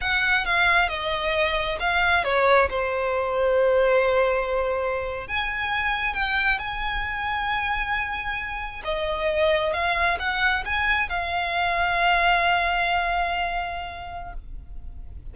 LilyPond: \new Staff \with { instrumentName = "violin" } { \time 4/4 \tempo 4 = 134 fis''4 f''4 dis''2 | f''4 cis''4 c''2~ | c''2.~ c''8. gis''16~ | gis''4.~ gis''16 g''4 gis''4~ gis''16~ |
gis''2.~ gis''8. dis''16~ | dis''4.~ dis''16 f''4 fis''4 gis''16~ | gis''8. f''2.~ f''16~ | f''1 | }